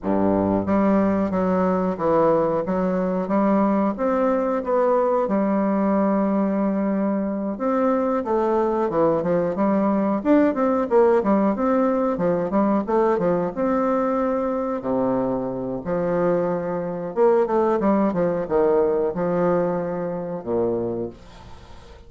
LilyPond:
\new Staff \with { instrumentName = "bassoon" } { \time 4/4 \tempo 4 = 91 g,4 g4 fis4 e4 | fis4 g4 c'4 b4 | g2.~ g8 c'8~ | c'8 a4 e8 f8 g4 d'8 |
c'8 ais8 g8 c'4 f8 g8 a8 | f8 c'2 c4. | f2 ais8 a8 g8 f8 | dis4 f2 ais,4 | }